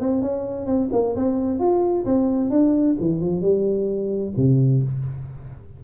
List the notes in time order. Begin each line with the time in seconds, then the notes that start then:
0.00 C4
0.22 C#4
0.66 C4
0.92 A#3
1.16 C4
1.59 F4
2.05 C4
2.50 D4
3.00 E3
3.20 F3
3.41 G3
4.37 C3